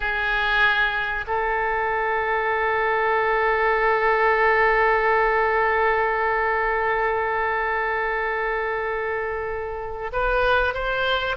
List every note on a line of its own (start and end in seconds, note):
0.00 1.25 G#4
1.27 10.11 A4
10.12 10.74 B4
10.74 11.36 C5